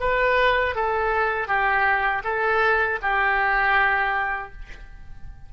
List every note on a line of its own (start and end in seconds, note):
0.00 0.75 B4
0.75 1.48 A4
1.48 2.23 G4
2.24 2.99 A4
3.02 4.52 G4